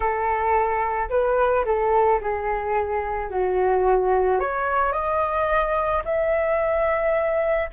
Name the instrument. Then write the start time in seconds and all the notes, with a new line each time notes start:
flute
0.00 A4
1.09 B4
1.65 A4
2.20 G#4
3.30 F#4
4.39 C#5
4.92 D#5
6.04 E5